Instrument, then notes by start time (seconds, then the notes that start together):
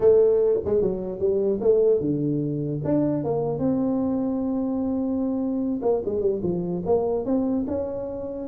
tuba
0.00 A3
0.65 G#3
0.81 F#3
1.19 G3
1.61 A3
2.00 D3
2.84 D4
3.23 A#3
3.58 C4
5.82 A#3
6.05 G#3
6.20 G3
6.42 F3
6.85 A#3
7.25 C4
7.67 C#4